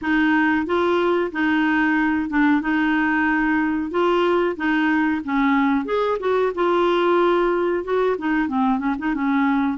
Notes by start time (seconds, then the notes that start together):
0.01 D#4
0.66 F4
1.32 D#4
2.29 D4
2.61 D#4
3.90 F4
4.56 D#4
5.24 C#4
5.85 G#4
6.19 F#4
6.55 F4
7.83 F#4
8.18 D#4
8.48 C4
8.79 C#4
8.98 D#4
9.14 C#4